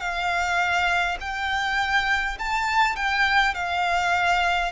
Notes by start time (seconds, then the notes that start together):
0.00 F5
1.20 G5
2.39 A5
2.96 G5
3.55 F5